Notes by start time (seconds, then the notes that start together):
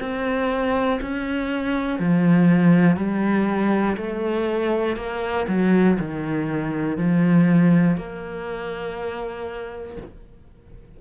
0.00 C4
1.01 C#4
1.99 F3
2.96 G3
3.96 A3
4.96 A#3
5.48 F#3
5.99 D#3
6.97 F3
7.97 A#3